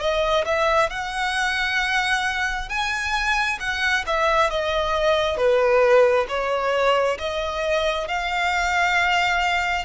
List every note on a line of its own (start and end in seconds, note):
0.00 0.45 D#5
0.46 0.90 E5
0.90 2.69 F#5
2.69 3.59 G#5
3.60 4.05 F#5
4.07 4.51 E5
4.51 5.37 D#5
5.37 6.27 B4
6.29 7.18 C#5
7.19 8.08 D#5
8.08 9.85 F5